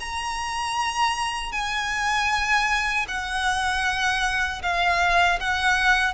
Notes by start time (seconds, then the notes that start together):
0.00 A#5
1.52 G#5
3.08 F#5
4.62 F5
5.40 F#5